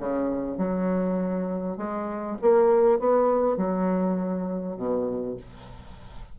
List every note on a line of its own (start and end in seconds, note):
0.00 0.58 C#3
0.58 1.78 F#3
1.78 2.38 G#3
2.42 3.00 A#3
3.00 3.57 B3
3.57 4.77 F#3
4.77 5.37 B2